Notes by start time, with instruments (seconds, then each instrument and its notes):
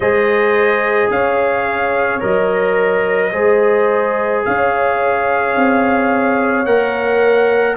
0.00 tuba G#3, trombone G#4, horn C5, trumpet D#5
1.10 tuba C#4, horn C#5, trumpet F5
2.19 tuba F#3, trombone A#4, trumpet D#5
3.31 tuba G#3, trombone G#4, horn C5
4.44 tuba C#4, horn C#5, trumpet F5
5.56 tuba C4
6.65 tuba A#3, trombone A#4, trumpet F#5